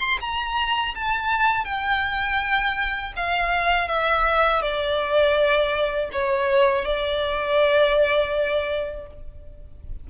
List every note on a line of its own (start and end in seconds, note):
0.00 0.19 C6
0.21 0.95 A#5
0.95 1.65 A5
1.65 3.13 G5
3.16 3.88 F5
3.88 4.62 E5
4.62 6.10 D5
6.12 6.85 C#5
6.85 9.07 D5